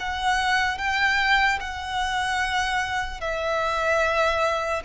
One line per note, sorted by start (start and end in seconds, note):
0.00 0.78 F#5
0.78 1.59 G5
1.60 3.21 F#5
3.21 4.83 E5